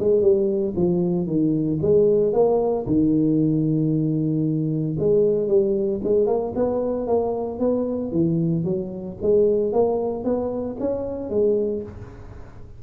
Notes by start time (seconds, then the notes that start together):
0.00 G#3
0.22 G3
0.77 F3
1.27 D#3
1.82 G#3
2.33 A#3
2.87 D#3
5.00 G#3
5.48 G3
6.04 G#3
6.27 A#3
6.56 B3
7.08 A#3
7.60 B3
8.12 E3
8.65 F#3
9.22 G#3
9.73 A#3
10.24 B3
10.80 C#4
11.30 G#3